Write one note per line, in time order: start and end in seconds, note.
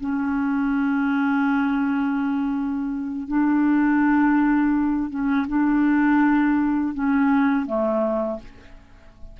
0.00 3.28 C#4
3.28 5.10 D4
5.10 5.46 C#4
5.47 6.94 D4
6.94 7.66 C#4
7.66 8.39 A3